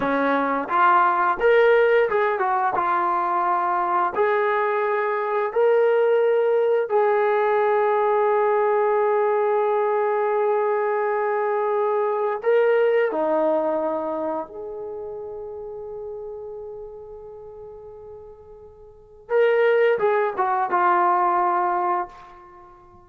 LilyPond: \new Staff \with { instrumentName = "trombone" } { \time 4/4 \tempo 4 = 87 cis'4 f'4 ais'4 gis'8 fis'8 | f'2 gis'2 | ais'2 gis'2~ | gis'1~ |
gis'2 ais'4 dis'4~ | dis'4 gis'2.~ | gis'1 | ais'4 gis'8 fis'8 f'2 | }